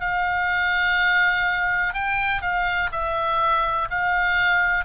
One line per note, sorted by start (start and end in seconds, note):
0.00 1.94 F5
1.94 2.41 G5
2.41 2.90 F5
2.91 3.88 E5
3.90 4.84 F5